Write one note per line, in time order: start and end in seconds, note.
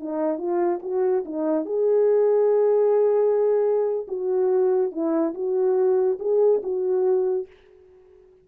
0.00 0.38 D#4
0.38 0.80 F4
0.82 1.24 F#4
1.25 1.66 D#4
1.66 4.07 G#4
4.08 4.92 F#4
4.92 5.34 E4
5.34 6.18 F#4
6.19 6.61 G#4
6.63 7.47 F#4